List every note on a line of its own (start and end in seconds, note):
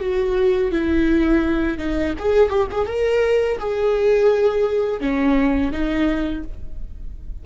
0.00 0.71 F#4
0.72 1.78 E4
1.78 2.14 D#4
2.19 2.50 G#4
2.50 2.68 G4
2.71 2.87 G#4
2.87 3.58 A#4
3.59 5.01 G#4
5.01 5.72 C#4
5.72 6.44 D#4